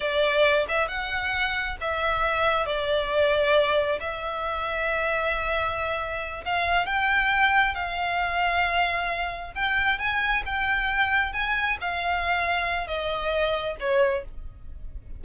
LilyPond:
\new Staff \with { instrumentName = "violin" } { \time 4/4 \tempo 4 = 135 d''4. e''8 fis''2 | e''2 d''2~ | d''4 e''2.~ | e''2~ e''8 f''4 g''8~ |
g''4. f''2~ f''8~ | f''4. g''4 gis''4 g''8~ | g''4. gis''4 f''4.~ | f''4 dis''2 cis''4 | }